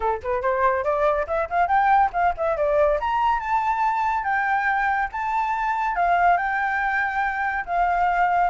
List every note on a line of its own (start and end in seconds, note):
0.00 0.20 A4
0.22 0.42 B4
0.42 0.83 C5
0.83 1.26 D5
1.27 1.48 E5
1.49 1.67 F5
1.67 2.10 G5
2.12 2.34 F5
2.37 2.56 E5
2.56 2.99 D5
3.00 3.39 A#5
3.39 4.23 A5
4.23 5.09 G5
5.12 5.95 A5
5.95 6.37 F5
6.37 7.64 G5
7.65 8.50 F5